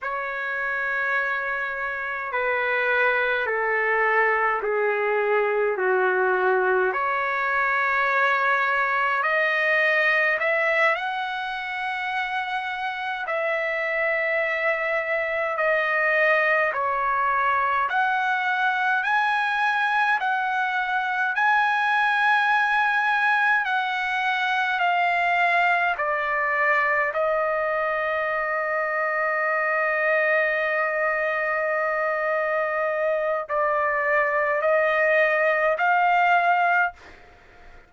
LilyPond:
\new Staff \with { instrumentName = "trumpet" } { \time 4/4 \tempo 4 = 52 cis''2 b'4 a'4 | gis'4 fis'4 cis''2 | dis''4 e''8 fis''2 e''8~ | e''4. dis''4 cis''4 fis''8~ |
fis''8 gis''4 fis''4 gis''4.~ | gis''8 fis''4 f''4 d''4 dis''8~ | dis''1~ | dis''4 d''4 dis''4 f''4 | }